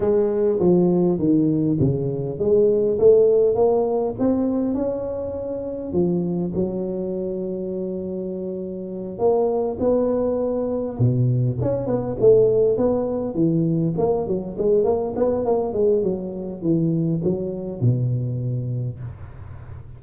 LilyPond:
\new Staff \with { instrumentName = "tuba" } { \time 4/4 \tempo 4 = 101 gis4 f4 dis4 cis4 | gis4 a4 ais4 c'4 | cis'2 f4 fis4~ | fis2.~ fis8 ais8~ |
ais8 b2 b,4 cis'8 | b8 a4 b4 e4 ais8 | fis8 gis8 ais8 b8 ais8 gis8 fis4 | e4 fis4 b,2 | }